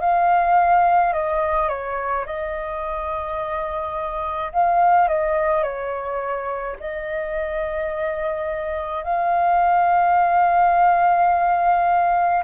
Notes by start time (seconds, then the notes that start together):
0.00 F5
1.13 D#5
1.69 C#5
2.26 D#5
4.53 F5
5.08 D#5
5.63 C#5
6.80 D#5
9.04 F5